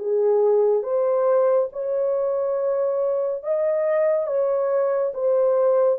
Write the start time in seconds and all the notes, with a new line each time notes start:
0.00 G#4
0.83 C5
1.73 C#5
3.44 D#5
4.27 C#5
5.14 C5